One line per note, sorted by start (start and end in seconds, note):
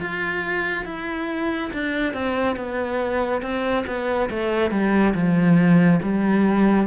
0.00 0.85 F4
0.85 1.70 E4
1.73 2.13 D4
2.13 2.56 C4
2.56 3.41 B3
3.41 3.84 C4
3.86 4.29 B3
4.29 4.71 A3
4.71 5.14 G3
5.14 5.99 F3
6.02 6.86 G3